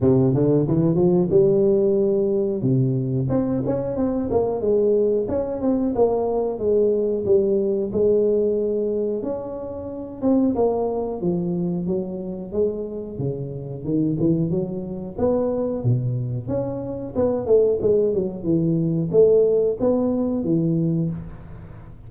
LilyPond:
\new Staff \with { instrumentName = "tuba" } { \time 4/4 \tempo 4 = 91 c8 d8 e8 f8 g2 | c4 c'8 cis'8 c'8 ais8 gis4 | cis'8 c'8 ais4 gis4 g4 | gis2 cis'4. c'8 |
ais4 f4 fis4 gis4 | cis4 dis8 e8 fis4 b4 | b,4 cis'4 b8 a8 gis8 fis8 | e4 a4 b4 e4 | }